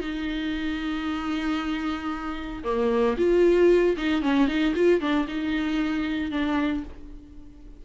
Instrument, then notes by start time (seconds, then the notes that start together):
viola
0.00 D#4
2.64 A#3
3.17 F4
3.97 D#4
4.22 C#4
4.47 D#4
4.75 F4
5.00 D4
5.28 D#4
6.31 D4